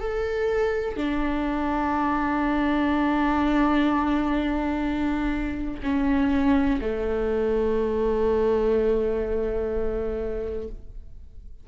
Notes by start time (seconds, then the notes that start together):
0.00 A4
0.97 D4
5.83 C#4
6.81 A3